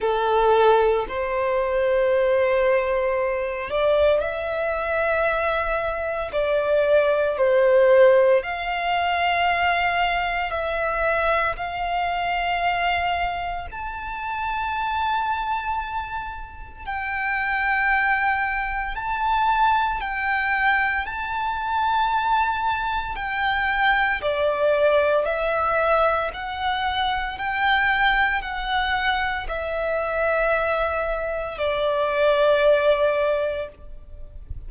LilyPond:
\new Staff \with { instrumentName = "violin" } { \time 4/4 \tempo 4 = 57 a'4 c''2~ c''8 d''8 | e''2 d''4 c''4 | f''2 e''4 f''4~ | f''4 a''2. |
g''2 a''4 g''4 | a''2 g''4 d''4 | e''4 fis''4 g''4 fis''4 | e''2 d''2 | }